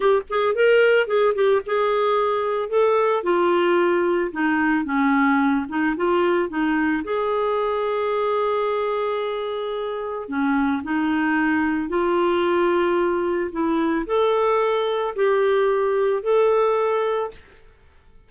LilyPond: \new Staff \with { instrumentName = "clarinet" } { \time 4/4 \tempo 4 = 111 g'8 gis'8 ais'4 gis'8 g'8 gis'4~ | gis'4 a'4 f'2 | dis'4 cis'4. dis'8 f'4 | dis'4 gis'2.~ |
gis'2. cis'4 | dis'2 f'2~ | f'4 e'4 a'2 | g'2 a'2 | }